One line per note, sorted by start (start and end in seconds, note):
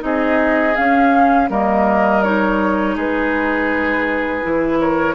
0.00 0.76 C4
0.00 0.73 D#4
0.00 1.50 G#4
0.00 0.76 D#5
0.76 1.50 C#4
0.76 1.49 F5
1.50 2.96 G3
1.50 2.23 A#3
1.50 2.96 A#4
1.50 2.24 D#5
2.24 4.43 D#4
2.24 2.97 C#5
2.96 4.43 G#3
2.96 4.79 G#4
2.96 4.80 B4
4.43 5.15 E3
4.43 5.15 E4
4.80 5.15 A#4
4.80 5.15 C#5